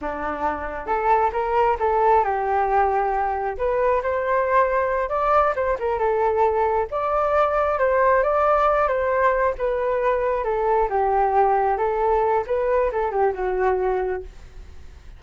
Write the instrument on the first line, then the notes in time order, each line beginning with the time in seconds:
flute
0.01 D4
0.86 A4
1.32 A#4
1.79 A4
2.23 G4
3.57 B4
4.02 C5
5.09 D5
5.55 C5
5.79 A#4
5.98 A4
6.90 D5
7.78 C5
8.23 D5
8.87 C5
9.58 B4
10.44 A4
10.89 G4
11.77 A4
12.46 B4
12.92 A4
13.11 G4
13.34 F#4